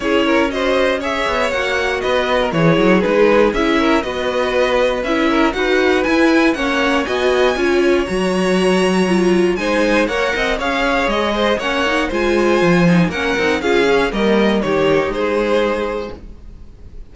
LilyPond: <<
  \new Staff \with { instrumentName = "violin" } { \time 4/4 \tempo 4 = 119 cis''4 dis''4 e''4 fis''4 | dis''4 cis''4 b'4 e''4 | dis''2 e''4 fis''4 | gis''4 fis''4 gis''2 |
ais''2. gis''4 | fis''4 f''4 dis''4 fis''4 | gis''2 fis''4 f''4 | dis''4 cis''4 c''2 | }
  \new Staff \with { instrumentName = "violin" } { \time 4/4 gis'8 ais'8 c''4 cis''2 | b'8. ais'16 gis'2~ gis'8 ais'8 | b'2~ b'8 ais'8 b'4~ | b'4 cis''4 dis''4 cis''4~ |
cis''2. c''4 | cis''8 dis''8 cis''4. c''8 cis''4 | c''2 ais'4 gis'4 | ais'4 g'4 gis'2 | }
  \new Staff \with { instrumentName = "viola" } { \time 4/4 e'4 fis'4 gis'4 fis'4~ | fis'4 e'4 dis'4 e'4 | fis'2 e'4 fis'4 | e'4 cis'4 fis'4 f'4 |
fis'2 f'4 dis'4 | ais'4 gis'2 cis'8 dis'8 | f'4. dis'8 cis'8 dis'8 f'8 cis'8 | ais4 dis'2. | }
  \new Staff \with { instrumentName = "cello" } { \time 4/4 cis'2~ cis'8 b8 ais4 | b4 e8 fis8 gis4 cis'4 | b2 cis'4 dis'4 | e'4 ais4 b4 cis'4 |
fis2. gis4 | ais8 c'8 cis'4 gis4 ais4 | gis4 f4 ais8 c'8 cis'4 | g4 dis4 gis2 | }
>>